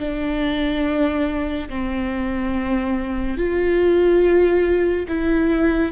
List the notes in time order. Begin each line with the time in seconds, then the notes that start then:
0.00 D4
1.69 C4
3.38 F4
5.09 E4